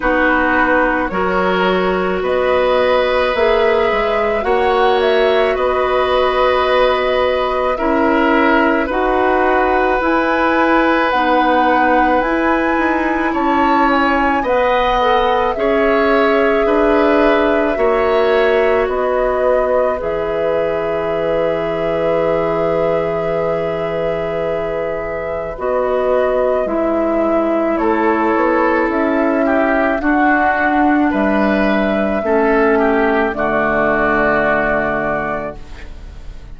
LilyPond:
<<
  \new Staff \with { instrumentName = "flute" } { \time 4/4 \tempo 4 = 54 b'4 cis''4 dis''4 e''4 | fis''8 e''8 dis''2 e''4 | fis''4 gis''4 fis''4 gis''4 | a''8 gis''8 fis''4 e''2~ |
e''4 dis''4 e''2~ | e''2. dis''4 | e''4 cis''4 e''4 fis''4 | e''2 d''2 | }
  \new Staff \with { instrumentName = "oboe" } { \time 4/4 fis'4 ais'4 b'2 | cis''4 b'2 ais'4 | b'1 | cis''4 dis''4 cis''4 b'4 |
cis''4 b'2.~ | b'1~ | b'4 a'4. g'8 fis'4 | b'4 a'8 g'8 fis'2 | }
  \new Staff \with { instrumentName = "clarinet" } { \time 4/4 dis'4 fis'2 gis'4 | fis'2. e'4 | fis'4 e'4 dis'4 e'4~ | e'4 b'8 a'8 gis'2 |
fis'2 gis'2~ | gis'2. fis'4 | e'2. d'4~ | d'4 cis'4 a2 | }
  \new Staff \with { instrumentName = "bassoon" } { \time 4/4 b4 fis4 b4 ais8 gis8 | ais4 b2 cis'4 | dis'4 e'4 b4 e'8 dis'8 | cis'4 b4 cis'4 d'4 |
ais4 b4 e2~ | e2. b4 | gis4 a8 b8 cis'4 d'4 | g4 a4 d2 | }
>>